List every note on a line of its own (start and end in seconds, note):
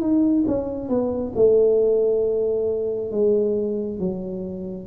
0.00 0.44 D#4
0.47 0.88 C#4
0.88 1.32 B3
1.35 3.11 A3
3.11 3.99 G#3
3.99 4.87 F#3